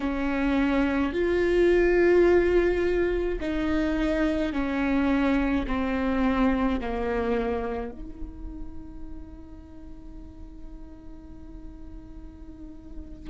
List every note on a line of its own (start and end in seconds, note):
0.00 1.13 C#4
1.13 3.39 F4
3.40 4.52 D#4
4.52 5.66 C#4
5.67 6.80 C4
6.80 7.91 A#3
7.91 13.29 D#4